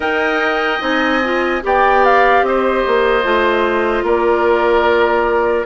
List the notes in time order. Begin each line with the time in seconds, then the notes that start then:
0.00 D#4 A#4 D#5 G5
0.80 C4 D#4 G#5
1.23 F4
1.61 B3 G4 D5 G5
2.04 F5
2.42 C4 C5 D#5
2.87 A#3
3.23 A3 F4
4.02 A#3 A#4 D5